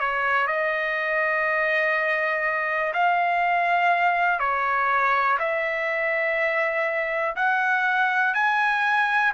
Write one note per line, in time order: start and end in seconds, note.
0.00 0.47 C#5
0.47 2.93 D#5
2.94 4.39 F5
4.39 5.38 C#5
5.39 7.36 E5
7.36 8.34 F#5
8.35 9.33 G#5